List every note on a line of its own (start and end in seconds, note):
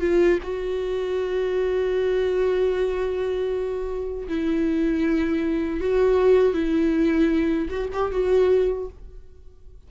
0.00 0.38 F4
0.43 4.27 F#4
4.28 5.80 E4
5.80 6.53 F#4
6.53 7.69 E4
7.70 7.89 F#4
7.93 8.11 G4
8.11 8.88 F#4